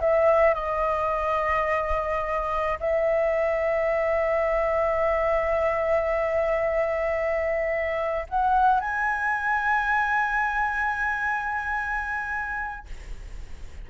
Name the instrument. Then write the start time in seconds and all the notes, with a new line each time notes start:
flute
0.00 E5
0.54 D#5
2.80 E5
8.29 F#5
8.80 G#5